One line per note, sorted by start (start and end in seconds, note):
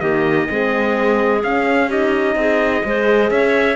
0.00 0.48 D#3
0.00 0.48 A#3
0.00 0.47 G4
0.00 1.41 D#5
0.48 1.43 G#3
0.48 1.41 C4
0.48 1.88 G#4
1.43 2.35 C#4
1.43 1.91 C#4
1.43 1.90 F5
1.88 2.83 D#4
1.88 2.35 G4
1.88 3.30 D#5
2.35 2.82 C4
2.35 2.85 G#4
2.83 3.30 G#3
2.83 3.75 G#4
2.83 3.32 C5
3.30 3.75 C#4
3.30 3.75 C#5
3.30 3.75 E5